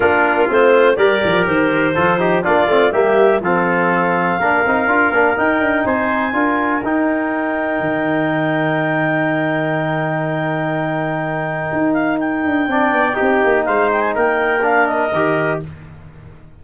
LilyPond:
<<
  \new Staff \with { instrumentName = "clarinet" } { \time 4/4 \tempo 4 = 123 ais'4 c''4 d''4 c''4~ | c''4 d''4 e''4 f''4~ | f''2. g''4 | gis''2 g''2~ |
g''1~ | g''1~ | g''8 f''8 g''2. | f''8 g''16 gis''16 g''4 f''8 dis''4. | }
  \new Staff \with { instrumentName = "trumpet" } { \time 4/4 f'2 ais'2 | a'8 g'8 f'4 g'4 a'4~ | a'4 ais'2. | c''4 ais'2.~ |
ais'1~ | ais'1~ | ais'2 d''4 g'4 | c''4 ais'2. | }
  \new Staff \with { instrumentName = "trombone" } { \time 4/4 d'4 c'4 g'2 | f'8 dis'8 d'8 c'8 ais4 c'4~ | c'4 d'8 dis'8 f'8 d'8 dis'4~ | dis'4 f'4 dis'2~ |
dis'1~ | dis'1~ | dis'2 d'4 dis'4~ | dis'2 d'4 g'4 | }
  \new Staff \with { instrumentName = "tuba" } { \time 4/4 ais4 a4 g8 f8 dis4 | f4 ais8 a8 g4 f4~ | f4 ais8 c'8 d'8 ais8 dis'8 d'8 | c'4 d'4 dis'2 |
dis1~ | dis1 | dis'4. d'8 c'8 b8 c'8 ais8 | gis4 ais2 dis4 | }
>>